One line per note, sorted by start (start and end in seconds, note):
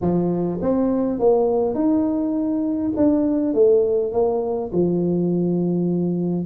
0.01 0.60 F3
0.61 1.19 C4
1.19 1.74 A#3
1.74 2.92 D#4
2.96 3.53 D4
3.53 4.12 A3
4.12 4.71 A#3
4.72 6.45 F3